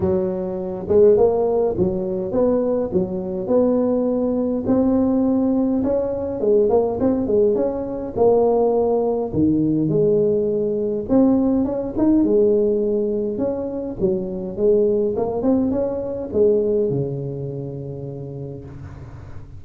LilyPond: \new Staff \with { instrumentName = "tuba" } { \time 4/4 \tempo 4 = 103 fis4. gis8 ais4 fis4 | b4 fis4 b2 | c'2 cis'4 gis8 ais8 | c'8 gis8 cis'4 ais2 |
dis4 gis2 c'4 | cis'8 dis'8 gis2 cis'4 | fis4 gis4 ais8 c'8 cis'4 | gis4 cis2. | }